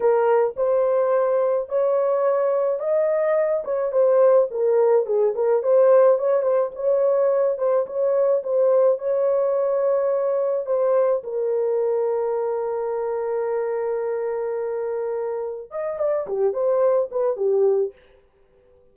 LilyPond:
\new Staff \with { instrumentName = "horn" } { \time 4/4 \tempo 4 = 107 ais'4 c''2 cis''4~ | cis''4 dis''4. cis''8 c''4 | ais'4 gis'8 ais'8 c''4 cis''8 c''8 | cis''4. c''8 cis''4 c''4 |
cis''2. c''4 | ais'1~ | ais'1 | dis''8 d''8 g'8 c''4 b'8 g'4 | }